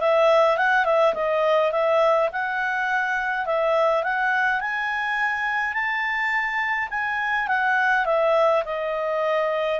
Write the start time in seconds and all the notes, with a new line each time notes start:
0.00 E5
0.57 F#5
0.85 E5
1.14 D#5
1.72 E5
2.32 F#5
3.45 E5
4.03 F#5
4.60 G#5
5.73 A5
6.90 G#5
7.48 F#5
8.05 E5
8.65 D#5